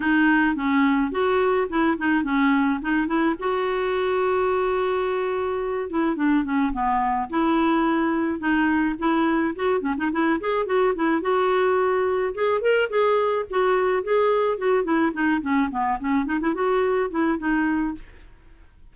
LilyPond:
\new Staff \with { instrumentName = "clarinet" } { \time 4/4 \tempo 4 = 107 dis'4 cis'4 fis'4 e'8 dis'8 | cis'4 dis'8 e'8 fis'2~ | fis'2~ fis'8 e'8 d'8 cis'8 | b4 e'2 dis'4 |
e'4 fis'8 cis'16 dis'16 e'8 gis'8 fis'8 e'8 | fis'2 gis'8 ais'8 gis'4 | fis'4 gis'4 fis'8 e'8 dis'8 cis'8 | b8 cis'8 dis'16 e'16 fis'4 e'8 dis'4 | }